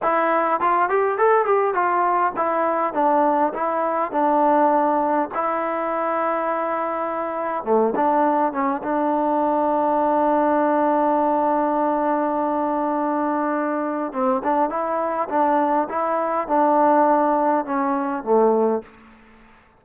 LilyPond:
\new Staff \with { instrumentName = "trombone" } { \time 4/4 \tempo 4 = 102 e'4 f'8 g'8 a'8 g'8 f'4 | e'4 d'4 e'4 d'4~ | d'4 e'2.~ | e'4 a8 d'4 cis'8 d'4~ |
d'1~ | d'1 | c'8 d'8 e'4 d'4 e'4 | d'2 cis'4 a4 | }